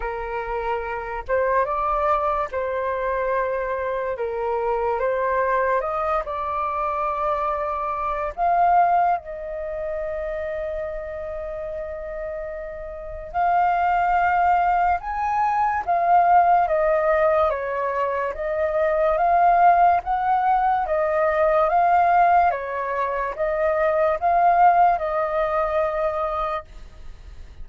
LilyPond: \new Staff \with { instrumentName = "flute" } { \time 4/4 \tempo 4 = 72 ais'4. c''8 d''4 c''4~ | c''4 ais'4 c''4 dis''8 d''8~ | d''2 f''4 dis''4~ | dis''1 |
f''2 gis''4 f''4 | dis''4 cis''4 dis''4 f''4 | fis''4 dis''4 f''4 cis''4 | dis''4 f''4 dis''2 | }